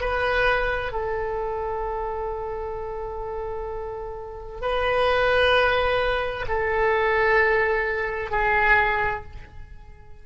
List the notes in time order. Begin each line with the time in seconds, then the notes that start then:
0.00 B4
0.92 A4
4.61 B4
6.48 A4
8.31 G#4